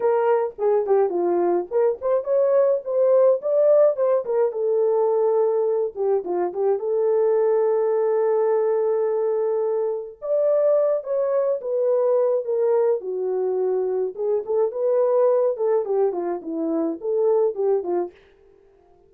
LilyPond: \new Staff \with { instrumentName = "horn" } { \time 4/4 \tempo 4 = 106 ais'4 gis'8 g'8 f'4 ais'8 c''8 | cis''4 c''4 d''4 c''8 ais'8 | a'2~ a'8 g'8 f'8 g'8 | a'1~ |
a'2 d''4. cis''8~ | cis''8 b'4. ais'4 fis'4~ | fis'4 gis'8 a'8 b'4. a'8 | g'8 f'8 e'4 a'4 g'8 f'8 | }